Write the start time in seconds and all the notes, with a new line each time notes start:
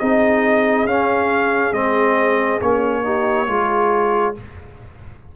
0.00 C4 D#4 G#4 D#5
0.85 C#4 F5
1.73 G#3 C4 D#5
2.61 A#3 C#4 C#5
3.04 D#4 G4
3.47 G#3 F4 G#4